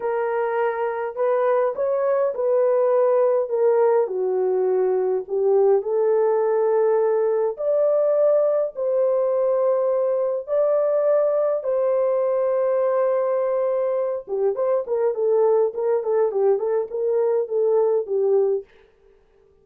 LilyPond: \new Staff \with { instrumentName = "horn" } { \time 4/4 \tempo 4 = 103 ais'2 b'4 cis''4 | b'2 ais'4 fis'4~ | fis'4 g'4 a'2~ | a'4 d''2 c''4~ |
c''2 d''2 | c''1~ | c''8 g'8 c''8 ais'8 a'4 ais'8 a'8 | g'8 a'8 ais'4 a'4 g'4 | }